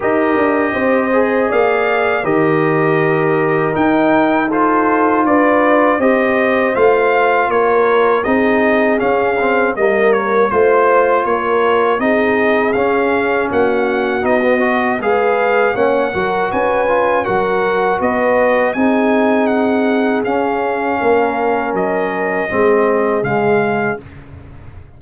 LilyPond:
<<
  \new Staff \with { instrumentName = "trumpet" } { \time 4/4 \tempo 4 = 80 dis''2 f''4 dis''4~ | dis''4 g''4 c''4 d''4 | dis''4 f''4 cis''4 dis''4 | f''4 dis''8 cis''8 c''4 cis''4 |
dis''4 f''4 fis''4 dis''4 | f''4 fis''4 gis''4 fis''4 | dis''4 gis''4 fis''4 f''4~ | f''4 dis''2 f''4 | }
  \new Staff \with { instrumentName = "horn" } { \time 4/4 ais'4 c''4 d''4 ais'4~ | ais'2 a'4 b'4 | c''2 ais'4 gis'4~ | gis'4 ais'4 c''4 ais'4 |
gis'2 fis'2 | b'4 cis''8 ais'8 b'4 ais'4 | b'4 gis'2. | ais'2 gis'2 | }
  \new Staff \with { instrumentName = "trombone" } { \time 4/4 g'4. gis'4. g'4~ | g'4 dis'4 f'2 | g'4 f'2 dis'4 | cis'8 c'8 ais4 f'2 |
dis'4 cis'2 dis'16 b16 fis'8 | gis'4 cis'8 fis'4 f'8 fis'4~ | fis'4 dis'2 cis'4~ | cis'2 c'4 gis4 | }
  \new Staff \with { instrumentName = "tuba" } { \time 4/4 dis'8 d'8 c'4 ais4 dis4~ | dis4 dis'2 d'4 | c'4 a4 ais4 c'4 | cis'4 g4 a4 ais4 |
c'4 cis'4 ais4 b4 | gis4 ais8 fis8 cis'4 fis4 | b4 c'2 cis'4 | ais4 fis4 gis4 cis4 | }
>>